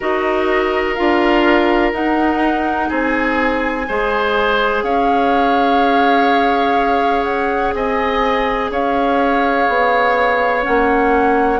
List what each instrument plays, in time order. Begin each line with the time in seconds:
0.00 bassoon D#4, clarinet F#4, oboe A#4, flute D#5
0.94 bassoon D4, clarinet F4, flute F5
1.93 bassoon D#4, clarinet D#4, flute F#5
2.89 bassoon C4, oboe G#4, flute G#5
3.88 bassoon G#3, clarinet G#4, oboe C5
4.82 bassoon C#4, oboe C#5, flute F5
7.23 flute F#5
7.73 bassoon C4, oboe D#5, flute G#5
8.70 bassoon C#4, oboe C#5, flute F5
9.68 bassoon B3
10.62 bassoon A#3, clarinet C#4, flute F#5